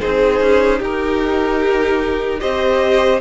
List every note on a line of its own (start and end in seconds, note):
0.00 0.40 C4
0.00 2.40 D#4
0.00 0.79 G#4
0.00 0.80 C5
0.40 0.80 C#4
0.79 2.40 D#4
0.79 2.39 G4
0.79 2.40 A#4
2.40 3.20 C4
2.40 3.20 G4
2.40 3.20 C5
2.40 3.20 D#5